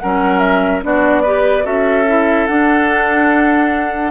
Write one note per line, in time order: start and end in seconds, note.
0.00 0.84 F#3
0.00 0.83 C#4
0.00 0.85 A#4
0.00 0.39 F#5
0.39 0.80 E5
0.83 1.65 B3
0.83 1.24 D4
0.83 1.23 F#4
0.83 1.66 D5
1.23 1.64 G4
1.23 1.64 B4
1.64 2.47 C#4
1.64 2.05 F#4
1.64 4.12 A4
1.64 2.47 E5
2.08 2.49 E4
2.47 4.12 D4
2.47 4.12 F#5